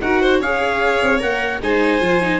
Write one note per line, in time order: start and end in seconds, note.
0.00 0.39 D#4
0.00 0.43 F#4
0.00 0.21 A#4
0.00 0.40 F#5
0.21 0.40 C5
0.39 0.99 C#4
0.39 1.19 G#4
0.39 1.61 C#5
0.39 1.21 F5
1.02 1.22 C4
1.19 1.61 A#3
1.19 1.59 A#4
1.19 1.61 F#5
1.61 2.00 G#3
1.61 2.01 D#4
1.61 2.39 C5
1.61 2.39 G#5
2.00 2.39 F3
2.00 2.21 F4
2.21 2.39 D#4